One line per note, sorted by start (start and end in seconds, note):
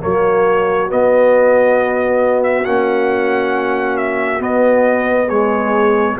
0.00 0.92 F#3
0.00 0.88 A#3
0.00 5.27 F#4
0.00 0.91 C#5
0.88 2.65 B3
0.88 2.66 B3
0.88 2.43 D#5
2.43 2.65 E5
2.65 4.40 A#3
2.65 4.40 C#4
2.65 3.97 F#5
3.97 4.41 E5
4.40 5.28 B3
4.40 6.16 B3
4.40 5.29 D#5
5.27 6.19 G#3
5.27 6.15 G#4
5.27 6.17 C#5